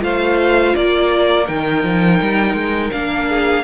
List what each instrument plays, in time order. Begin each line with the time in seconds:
0.00 cello A3, viola F4, violin C5 F5
0.75 cello A#3, violin A#4 D5
1.47 cello D#3, viola D#4, violin G5
1.84 cello F3
2.22 cello G3
2.54 cello G#3
2.92 cello A#3, viola D4, violin F5
3.29 violin G#4